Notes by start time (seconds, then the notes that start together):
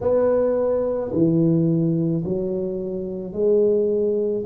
0.00 B3
1.12 E3
2.24 F#3
3.32 G#3